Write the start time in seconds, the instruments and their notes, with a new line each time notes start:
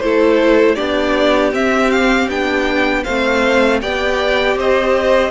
0.00 cello A3, viola E4, violin A4 C5
0.75 cello B3, viola D4, violin G4 D5
1.53 viola C4, cello C4, violin E5
1.91 violin F5
2.29 cello B3, viola D4, violin G5
3.04 cello A3, viola C4, violin C5 F5
3.82 cello B3, viola G4, violin D5 G5
4.56 cello C4, violin C5 D#5